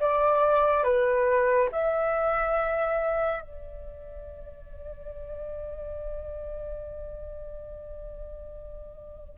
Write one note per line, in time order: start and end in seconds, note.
0.00 0.84 D5
0.84 1.69 B4
1.72 3.42 E5
3.42 9.38 D5